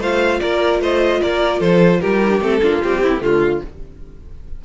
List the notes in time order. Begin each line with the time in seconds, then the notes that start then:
0.00 A3 F4 C5 F5
0.40 A#3 A#4 D5
0.80 A3 C5 D#5
1.22 A#3 A#4 D5
1.60 F3 A4 C5
2.01 G3 G4 A#4
2.22 E4
2.29 D4
2.41 A3 C4 A4
2.62 A#3 D4 F4
2.82 G3 C4 G4
3.03 C4 E4
3.16 D3 A3 A#3
3.23 F4